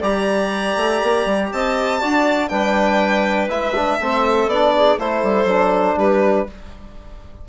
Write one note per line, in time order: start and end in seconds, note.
0.00 0.76 G3
0.00 2.01 G4
0.00 1.49 D5
0.00 1.52 A#5
0.77 1.02 A3
1.03 1.26 A#3
1.26 1.51 G3
1.52 2.02 C4
1.52 2.00 D#5
1.52 2.49 A5
2.00 2.51 D4
2.00 2.49 F#4
2.00 2.49 D5
2.49 3.49 G3
2.49 3.48 D4
2.49 3.99 B4
2.49 3.48 G5
3.48 3.99 G#3
3.48 3.73 E4
3.48 4.49 E5
3.75 4.00 D4
4.00 4.47 A3
4.00 4.51 C4
4.00 4.74 A4
4.47 4.97 B3
4.47 4.99 D4
4.47 4.99 D5
4.76 4.99 G#4
4.98 5.23 A3
4.98 5.48 E4
4.98 5.97 A4
4.98 5.99 C5
5.23 5.45 G3
5.45 5.95 F#3
5.45 6.48 D4
5.97 6.46 G3
5.97 6.46 G4
5.97 6.49 B4